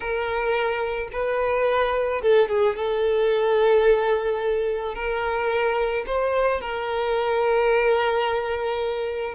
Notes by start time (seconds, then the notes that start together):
0.00 A#4
1.12 B4
2.21 A4
2.48 G#4
2.76 A4
4.94 A#4
6.06 C5
6.60 A#4